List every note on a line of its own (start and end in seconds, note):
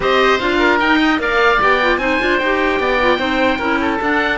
0.00 0.39 C4
0.00 0.40 G4
0.00 0.58 C5
0.00 0.39 D#5
0.39 0.80 D4
0.39 0.80 F4
0.39 0.79 F5
0.58 0.98 A#4
0.79 1.19 D#4
0.79 1.19 G5
1.01 1.21 D#5
1.19 1.59 A#3
1.19 1.59 A#4
1.19 2.01 D5
1.19 1.61 F5
1.61 1.97 B3
1.61 1.81 G4
1.61 1.98 G5
1.81 2.00 F4
1.97 2.17 C4
1.97 2.20 D#4
1.97 2.80 C5
1.97 2.38 G#5
2.20 2.41 D4
2.20 2.40 F4
2.38 2.79 D#4
2.38 3.01 G4
2.38 3.98 G5
2.79 3.18 B3
2.79 3.19 D5
3.01 3.18 F4
3.18 3.58 C4
3.18 3.58 D#4
3.18 3.58 C5
3.58 3.98 C#4
3.58 4.00 E4
3.58 3.78 A#4
3.81 4.38 A4
4.00 4.38 D4
4.00 4.38 F#5